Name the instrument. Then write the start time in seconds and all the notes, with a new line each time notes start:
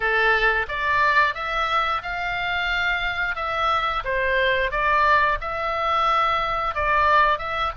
oboe
0.00 A4
0.68 D5
1.34 E5
2.02 F5
3.35 E5
4.04 C5
4.71 D5
5.40 E5
6.74 D5
7.38 E5